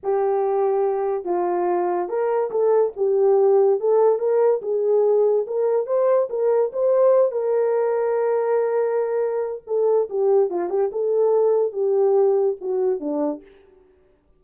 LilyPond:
\new Staff \with { instrumentName = "horn" } { \time 4/4 \tempo 4 = 143 g'2. f'4~ | f'4 ais'4 a'4 g'4~ | g'4 a'4 ais'4 gis'4~ | gis'4 ais'4 c''4 ais'4 |
c''4. ais'2~ ais'8~ | ais'2. a'4 | g'4 f'8 g'8 a'2 | g'2 fis'4 d'4 | }